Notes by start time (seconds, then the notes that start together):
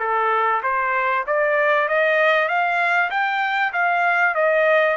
0.00 A4
0.64 C5
1.27 D5
1.89 D#5
2.49 F5
3.11 G5
3.73 F5
4.35 D#5